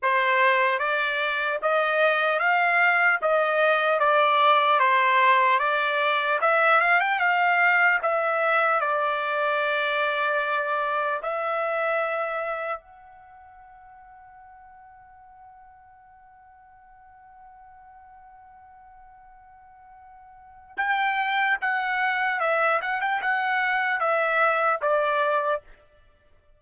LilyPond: \new Staff \with { instrumentName = "trumpet" } { \time 4/4 \tempo 4 = 75 c''4 d''4 dis''4 f''4 | dis''4 d''4 c''4 d''4 | e''8 f''16 g''16 f''4 e''4 d''4~ | d''2 e''2 |
fis''1~ | fis''1~ | fis''2 g''4 fis''4 | e''8 fis''16 g''16 fis''4 e''4 d''4 | }